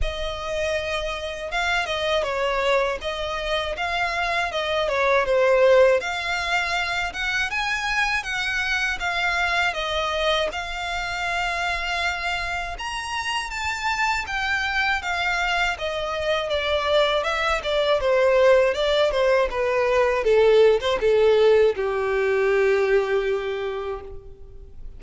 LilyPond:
\new Staff \with { instrumentName = "violin" } { \time 4/4 \tempo 4 = 80 dis''2 f''8 dis''8 cis''4 | dis''4 f''4 dis''8 cis''8 c''4 | f''4. fis''8 gis''4 fis''4 | f''4 dis''4 f''2~ |
f''4 ais''4 a''4 g''4 | f''4 dis''4 d''4 e''8 d''8 | c''4 d''8 c''8 b'4 a'8. c''16 | a'4 g'2. | }